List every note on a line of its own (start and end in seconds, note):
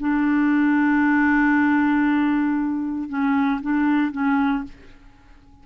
0.00 3.09 D4
3.09 3.61 C#4
3.61 4.12 D4
4.12 4.64 C#4